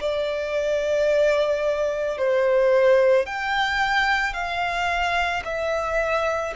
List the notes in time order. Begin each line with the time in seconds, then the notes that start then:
0.00 D5
2.18 C5
3.26 G5
4.33 F5
5.45 E5